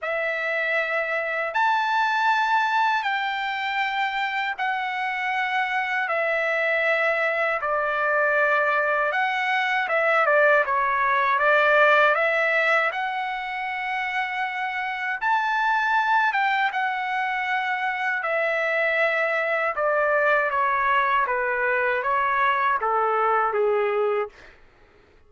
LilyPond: \new Staff \with { instrumentName = "trumpet" } { \time 4/4 \tempo 4 = 79 e''2 a''2 | g''2 fis''2 | e''2 d''2 | fis''4 e''8 d''8 cis''4 d''4 |
e''4 fis''2. | a''4. g''8 fis''2 | e''2 d''4 cis''4 | b'4 cis''4 a'4 gis'4 | }